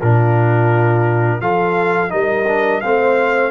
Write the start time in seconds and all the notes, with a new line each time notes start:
0.00 A#2 D4 F4 A#4
1.40 F3 F4 A4 F5
2.09 G3 D#4 A#4 D#5
2.47 D4
2.81 A3 C4 C5 F5